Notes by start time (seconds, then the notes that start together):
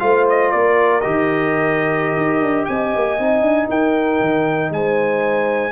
0.00 A3 F4 C5 F5
0.30 D#5
0.52 A#3 A#4 D5
1.01 D#3 G4 D#5
2.17 D#4
2.41 D4
2.66 C4 D#5 G#5
2.96 A#3
3.19 C4 D#4
3.42 D4
3.69 D#4 A#4 G5
4.21 D#3
4.71 G#3 C5 G#5